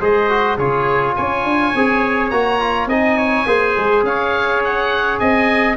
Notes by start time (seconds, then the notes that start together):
0.00 G#3 G#4 C5 D#5
0.29 F#4
0.57 C#3 F4 G#4 C#5
1.15 C#4 C#5 G#5
1.43 D4
1.75 C4 G#4
2.30 A#3 F#4 A#5
2.60 F4
2.86 C4 D#4 D#5 G#5
3.17 C#5
3.45 A#3 G#4 C5
3.77 G#3
4.03 C#4 C#5 F5
4.64 F#5
5.19 C4 D#5 G#5